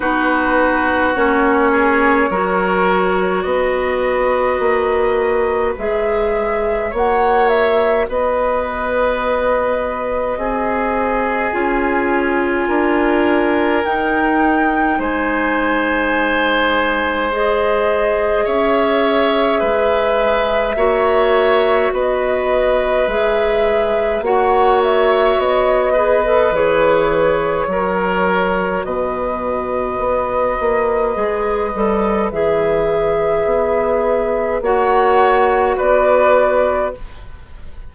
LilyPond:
<<
  \new Staff \with { instrumentName = "flute" } { \time 4/4 \tempo 4 = 52 b'4 cis''2 dis''4~ | dis''4 e''4 fis''8 e''8 dis''4~ | dis''2 gis''2 | g''4 gis''2 dis''4 |
e''2. dis''4 | e''4 fis''8 e''8 dis''4 cis''4~ | cis''4 dis''2. | e''2 fis''4 d''4 | }
  \new Staff \with { instrumentName = "oboe" } { \time 4/4 fis'4. gis'8 ais'4 b'4~ | b'2 cis''4 b'4~ | b'4 gis'2 ais'4~ | ais'4 c''2. |
cis''4 b'4 cis''4 b'4~ | b'4 cis''4. b'4. | ais'4 b'2.~ | b'2 cis''4 b'4 | }
  \new Staff \with { instrumentName = "clarinet" } { \time 4/4 dis'4 cis'4 fis'2~ | fis'4 gis'4 fis'2~ | fis'2 f'2 | dis'2. gis'4~ |
gis'2 fis'2 | gis'4 fis'4. gis'16 a'16 gis'4 | fis'2. gis'8 a'8 | gis'2 fis'2 | }
  \new Staff \with { instrumentName = "bassoon" } { \time 4/4 b4 ais4 fis4 b4 | ais4 gis4 ais4 b4~ | b4 c'4 cis'4 d'4 | dis'4 gis2. |
cis'4 gis4 ais4 b4 | gis4 ais4 b4 e4 | fis4 b,4 b8 ais8 gis8 g8 | e4 b4 ais4 b4 | }
>>